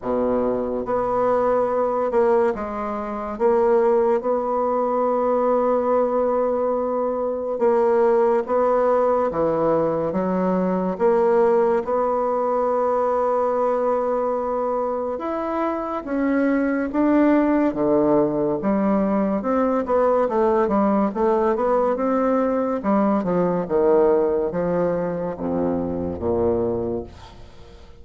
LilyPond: \new Staff \with { instrumentName = "bassoon" } { \time 4/4 \tempo 4 = 71 b,4 b4. ais8 gis4 | ais4 b2.~ | b4 ais4 b4 e4 | fis4 ais4 b2~ |
b2 e'4 cis'4 | d'4 d4 g4 c'8 b8 | a8 g8 a8 b8 c'4 g8 f8 | dis4 f4 f,4 ais,4 | }